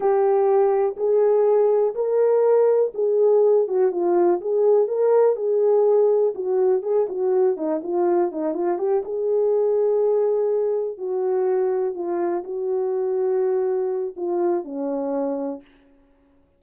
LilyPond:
\new Staff \with { instrumentName = "horn" } { \time 4/4 \tempo 4 = 123 g'2 gis'2 | ais'2 gis'4. fis'8 | f'4 gis'4 ais'4 gis'4~ | gis'4 fis'4 gis'8 fis'4 dis'8 |
f'4 dis'8 f'8 g'8 gis'4.~ | gis'2~ gis'8 fis'4.~ | fis'8 f'4 fis'2~ fis'8~ | fis'4 f'4 cis'2 | }